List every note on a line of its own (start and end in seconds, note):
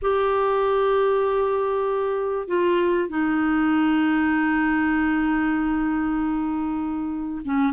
0.01 2.47 G4
2.47 3.09 F4
3.09 7.42 D#4
7.45 7.73 C#4